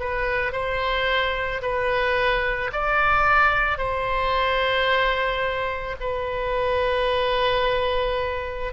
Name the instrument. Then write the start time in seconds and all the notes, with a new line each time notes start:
oboe
0.00 B4
0.52 C5
1.62 B4
2.73 D5
3.78 C5
6.00 B4